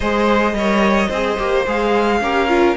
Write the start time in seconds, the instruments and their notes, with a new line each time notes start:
0.00 cello G#3, viola G#4, violin C5 D#5
0.53 cello G3, viola A#4, violin C#5
1.08 cello C4, viola G#4, violin C5
1.38 cello A#3, viola G4
1.66 cello G#3, viola G#4, violin F5
2.21 cello C#4, viola G4, violin A#4
2.48 viola F4